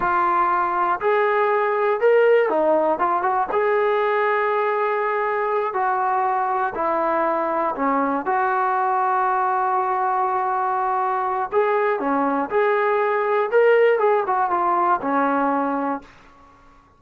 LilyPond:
\new Staff \with { instrumentName = "trombone" } { \time 4/4 \tempo 4 = 120 f'2 gis'2 | ais'4 dis'4 f'8 fis'8 gis'4~ | gis'2.~ gis'8 fis'8~ | fis'4. e'2 cis'8~ |
cis'8 fis'2.~ fis'8~ | fis'2. gis'4 | cis'4 gis'2 ais'4 | gis'8 fis'8 f'4 cis'2 | }